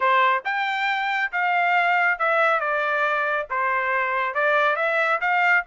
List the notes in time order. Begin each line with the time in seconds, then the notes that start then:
0.00 C5
0.44 G5
1.32 F5
2.18 E5
2.60 D5
3.50 C5
4.34 D5
4.76 E5
5.21 F5